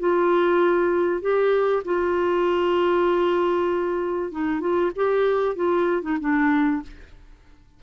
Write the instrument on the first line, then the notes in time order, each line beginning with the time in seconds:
clarinet
0.00 F4
1.21 G4
1.85 F4
4.32 D#4
4.61 F4
4.96 G4
5.56 F4
6.03 D#4
6.21 D4